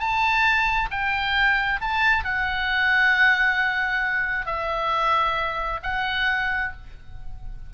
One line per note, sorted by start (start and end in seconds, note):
0.00 0.90 A5
0.91 1.81 G5
1.81 2.25 A5
2.25 4.46 F#5
4.46 5.81 E5
5.83 6.73 F#5